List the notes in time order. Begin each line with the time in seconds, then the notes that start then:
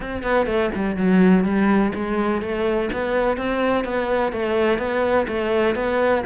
0.00 C4
0.23 B3
0.46 A3
0.74 G3
0.96 F#3
1.44 G3
1.94 G#3
2.41 A3
2.93 B3
3.37 C4
3.84 B3
4.32 A3
4.78 B3
5.27 A3
5.75 B3